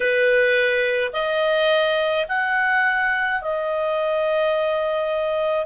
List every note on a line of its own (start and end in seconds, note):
0.00 1.11 B4
1.13 2.26 D#5
2.28 3.41 F#5
3.41 5.66 D#5